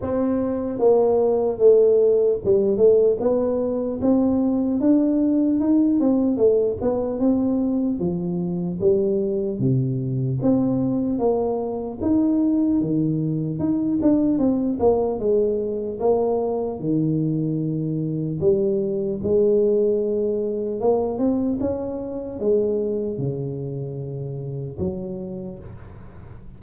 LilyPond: \new Staff \with { instrumentName = "tuba" } { \time 4/4 \tempo 4 = 75 c'4 ais4 a4 g8 a8 | b4 c'4 d'4 dis'8 c'8 | a8 b8 c'4 f4 g4 | c4 c'4 ais4 dis'4 |
dis4 dis'8 d'8 c'8 ais8 gis4 | ais4 dis2 g4 | gis2 ais8 c'8 cis'4 | gis4 cis2 fis4 | }